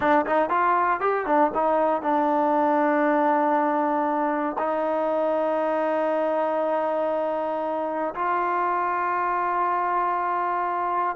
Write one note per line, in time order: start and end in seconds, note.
0.00 0.25 D4
0.25 0.49 D#4
0.49 1.00 F4
1.00 1.26 G4
1.26 1.51 D4
1.54 2.02 D#4
2.02 4.56 D4
4.58 8.14 D#4
8.14 11.16 F4